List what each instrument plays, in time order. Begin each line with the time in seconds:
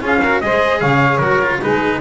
0.00 double bass C#4, cello F4, saxophone G#4
0.06 trumpet F5
0.21 cello F#4, saxophone A#4
0.41 double bass G#3, cello G#4, saxophone C5, trumpet D#5
0.80 double bass C#3, saxophone C#5, trumpet F5
1.17 double bass F#3, cello F#4, trumpet A#4
1.42 cello F4
1.61 double bass G#3, cello D#4, saxophone G#4, trumpet B4